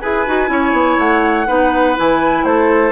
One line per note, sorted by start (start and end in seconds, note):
0.00 0.27 E4
0.00 0.26 G#4
0.00 0.51 B4
0.00 0.98 G#5
0.27 0.49 D#4
0.27 0.47 F#4
0.47 0.73 C#4
0.47 1.46 E4
0.47 1.47 C#5
0.73 0.97 B3
0.98 1.47 A3
0.98 1.97 F#5
1.47 1.98 B3
1.47 1.96 D#4
1.47 2.46 B4
1.96 2.44 E3
1.96 2.91 E4
1.96 2.44 G#5
2.44 2.91 A3
2.44 2.91 A4
2.44 2.91 C5